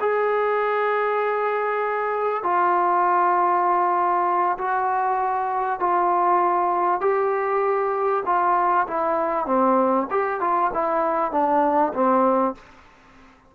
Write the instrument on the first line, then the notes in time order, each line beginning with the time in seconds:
trombone
0.00 G#4
2.43 F4
4.58 F#4
5.79 F4
7.01 G4
8.25 F4
8.87 E4
9.46 C4
10.10 G4
10.40 F4
10.73 E4
11.32 D4
11.94 C4